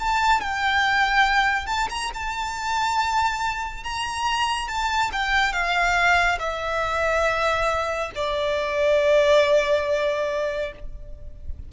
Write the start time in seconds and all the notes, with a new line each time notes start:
0.00 A5
0.41 G5
1.67 A5
1.90 A#5
2.14 A5
3.84 A#5
4.68 A5
5.12 G5
5.53 F5
6.39 E5
8.15 D5